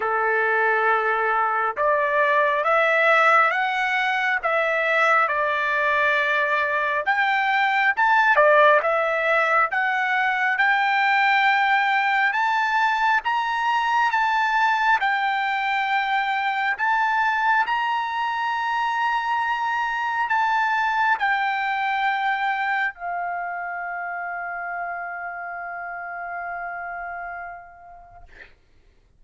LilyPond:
\new Staff \with { instrumentName = "trumpet" } { \time 4/4 \tempo 4 = 68 a'2 d''4 e''4 | fis''4 e''4 d''2 | g''4 a''8 d''8 e''4 fis''4 | g''2 a''4 ais''4 |
a''4 g''2 a''4 | ais''2. a''4 | g''2 f''2~ | f''1 | }